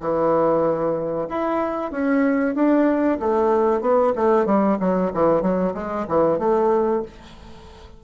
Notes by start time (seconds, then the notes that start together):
0.00 E3
1.29 E4
1.91 C#4
2.55 D4
3.19 A3
3.81 B3
4.15 A3
4.46 G3
4.80 F#3
5.14 E3
5.42 F#3
5.74 G#3
6.08 E3
6.39 A3